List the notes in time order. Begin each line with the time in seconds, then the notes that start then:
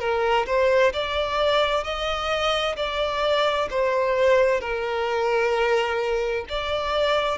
0.00 A#4
0.47 C5
0.94 D5
1.84 D#5
2.77 D5
3.70 C5
4.61 A#4
6.49 D5